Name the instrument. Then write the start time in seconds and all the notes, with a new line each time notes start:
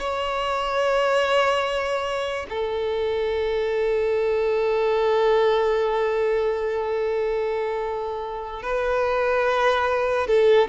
violin
0.00 C#5
2.50 A4
8.63 B4
10.27 A4